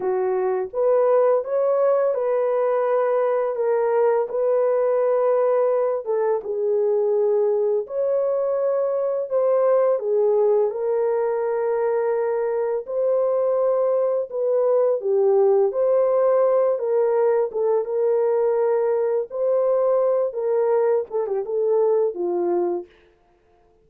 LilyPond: \new Staff \with { instrumentName = "horn" } { \time 4/4 \tempo 4 = 84 fis'4 b'4 cis''4 b'4~ | b'4 ais'4 b'2~ | b'8 a'8 gis'2 cis''4~ | cis''4 c''4 gis'4 ais'4~ |
ais'2 c''2 | b'4 g'4 c''4. ais'8~ | ais'8 a'8 ais'2 c''4~ | c''8 ais'4 a'16 g'16 a'4 f'4 | }